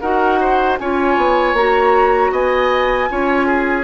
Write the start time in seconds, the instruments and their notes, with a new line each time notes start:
0.00 bassoon D#4, clarinet F#4, oboe A#4, flute F#5
0.40 oboe C5
0.79 bassoon C#4, clarinet F4, oboe C#5, flute G#5
1.17 bassoon B3
1.53 bassoon A#3, clarinet F#4, flute A#5
2.32 bassoon B3, oboe D#5, flute G#5
3.09 bassoon C#4, clarinet F4, oboe C#5
3.47 oboe G#4